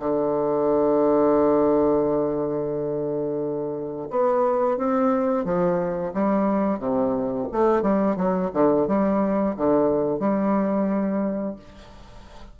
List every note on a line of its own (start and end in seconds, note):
0.00 4.09 D3
4.11 4.78 B3
4.78 5.45 C4
5.45 6.13 F3
6.14 6.79 G3
6.79 7.48 C3
7.52 7.83 A3
7.83 8.17 G3
8.17 8.51 F#3
8.54 8.88 D3
8.88 9.56 G3
9.57 10.20 D3
10.20 11.56 G3